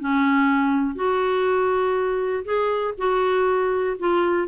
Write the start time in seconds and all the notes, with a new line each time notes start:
0.00 C#4
0.96 F#4
2.45 G#4
2.98 F#4
3.99 F4